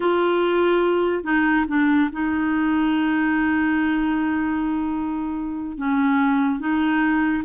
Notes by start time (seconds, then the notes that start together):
0.00 F4
1.23 D#4
1.68 D4
2.12 D#4
5.77 C#4
6.59 D#4